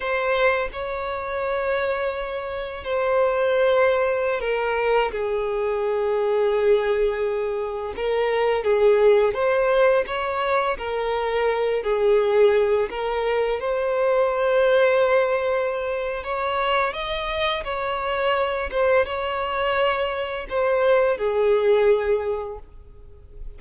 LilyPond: \new Staff \with { instrumentName = "violin" } { \time 4/4 \tempo 4 = 85 c''4 cis''2. | c''2~ c''16 ais'4 gis'8.~ | gis'2.~ gis'16 ais'8.~ | ais'16 gis'4 c''4 cis''4 ais'8.~ |
ais'8. gis'4. ais'4 c''8.~ | c''2. cis''4 | dis''4 cis''4. c''8 cis''4~ | cis''4 c''4 gis'2 | }